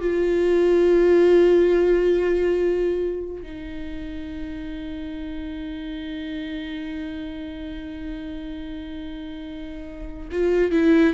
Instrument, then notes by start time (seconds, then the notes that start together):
viola
0.00 F4
3.42 D#4
10.31 F4
10.71 E4